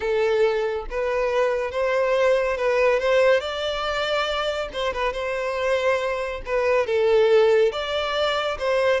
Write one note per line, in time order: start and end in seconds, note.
0.00 0.85 A4
0.90 1.71 B4
1.71 2.57 C5
2.57 2.99 B4
2.99 3.40 C5
3.40 4.69 D5
4.72 4.93 C5
4.93 5.12 B4
5.12 6.41 C5
6.45 6.86 B4
6.86 7.71 A4
7.71 8.57 D5
8.59 9.00 C5